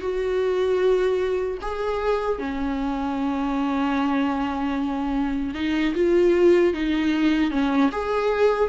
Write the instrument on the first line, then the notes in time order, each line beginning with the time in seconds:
viola
0.00 F#4
1.61 G#4
2.39 C#4
5.54 D#4
5.94 F4
6.74 D#4
7.50 C#4
7.91 G#4